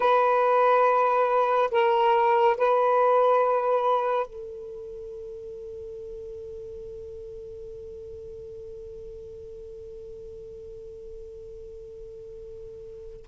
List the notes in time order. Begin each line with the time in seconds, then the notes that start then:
0.00 B4
1.71 A#4
2.57 B4
4.26 A4